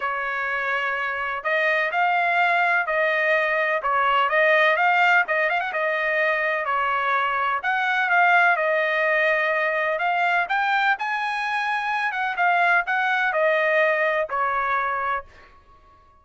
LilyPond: \new Staff \with { instrumentName = "trumpet" } { \time 4/4 \tempo 4 = 126 cis''2. dis''4 | f''2 dis''2 | cis''4 dis''4 f''4 dis''8 f''16 fis''16 | dis''2 cis''2 |
fis''4 f''4 dis''2~ | dis''4 f''4 g''4 gis''4~ | gis''4. fis''8 f''4 fis''4 | dis''2 cis''2 | }